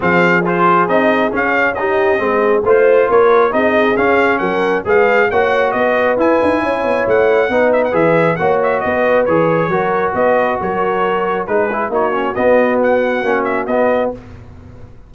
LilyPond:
<<
  \new Staff \with { instrumentName = "trumpet" } { \time 4/4 \tempo 4 = 136 f''4 c''4 dis''4 f''4 | dis''2 c''4 cis''4 | dis''4 f''4 fis''4 f''4 | fis''4 dis''4 gis''2 |
fis''4. e''16 fis''16 e''4 fis''8 e''8 | dis''4 cis''2 dis''4 | cis''2 b'4 cis''4 | dis''4 fis''4. e''8 dis''4 | }
  \new Staff \with { instrumentName = "horn" } { \time 4/4 gis'1 | g'4 gis'4 c''4 ais'4 | gis'2 ais'4 b'4 | cis''4 b'2 cis''4~ |
cis''4 b'2 cis''4 | b'2 ais'4 b'4 | ais'2 gis'4 fis'4~ | fis'1 | }
  \new Staff \with { instrumentName = "trombone" } { \time 4/4 c'4 f'4 dis'4 cis'4 | dis'4 c'4 f'2 | dis'4 cis'2 gis'4 | fis'2 e'2~ |
e'4 dis'4 gis'4 fis'4~ | fis'4 gis'4 fis'2~ | fis'2 dis'8 e'8 dis'8 cis'8 | b2 cis'4 b4 | }
  \new Staff \with { instrumentName = "tuba" } { \time 4/4 f2 c'4 cis'4~ | cis'4 gis4 a4 ais4 | c'4 cis'4 fis4 gis4 | ais4 b4 e'8 dis'8 cis'8 b8 |
a4 b4 e4 ais4 | b4 e4 fis4 b4 | fis2 gis4 ais4 | b2 ais4 b4 | }
>>